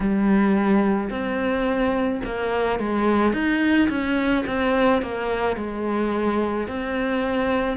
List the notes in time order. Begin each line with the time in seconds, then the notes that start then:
0.00 G3
1.10 C4
2.25 A#3
2.79 G#3
3.33 D#4
3.89 C#4
4.46 C4
5.02 A#3
5.56 G#3
6.67 C4